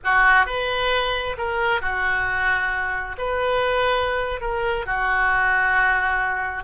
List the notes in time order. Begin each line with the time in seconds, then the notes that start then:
0.03 F#4
0.46 B4
1.37 A#4
1.81 F#4
3.18 B4
4.40 A#4
4.86 F#4